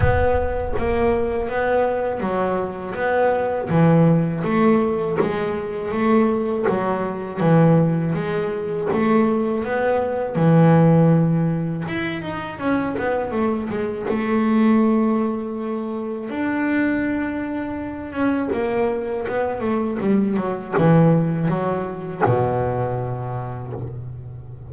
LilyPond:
\new Staff \with { instrumentName = "double bass" } { \time 4/4 \tempo 4 = 81 b4 ais4 b4 fis4 | b4 e4 a4 gis4 | a4 fis4 e4 gis4 | a4 b4 e2 |
e'8 dis'8 cis'8 b8 a8 gis8 a4~ | a2 d'2~ | d'8 cis'8 ais4 b8 a8 g8 fis8 | e4 fis4 b,2 | }